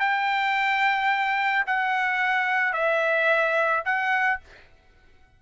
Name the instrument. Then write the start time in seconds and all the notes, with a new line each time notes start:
trumpet
0.00 G5
1.67 F#5
2.73 E5
3.86 F#5